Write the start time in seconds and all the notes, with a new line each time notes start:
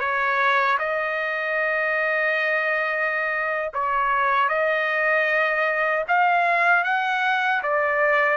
0.00 C#5
0.79 D#5
3.74 C#5
4.49 D#5
6.08 F5
6.84 F#5
7.63 D5